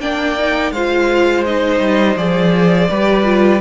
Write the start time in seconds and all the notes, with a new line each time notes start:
0.00 A#3 D4 D5 G5
0.39 D#4
0.71 G#3 F4 C5 F5
1.45 D#4 D#5
1.80 G3
2.16 F3 G#4 D5
2.90 G3 G4 B4
3.24 F4